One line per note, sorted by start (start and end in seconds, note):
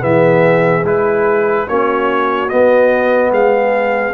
0.00 0.82 E3
0.00 0.82 B3
0.00 1.65 G#4
0.00 0.85 E5
0.82 1.64 G#3
0.82 1.67 E4
0.82 1.68 B4
1.67 2.51 A#3
1.67 2.49 C#4
1.67 3.33 F#4
1.67 2.49 C#5
2.49 4.14 B3
2.49 3.31 B3
2.49 3.31 D#5
3.31 4.13 G#3
3.31 4.14 G#4
3.31 4.14 F5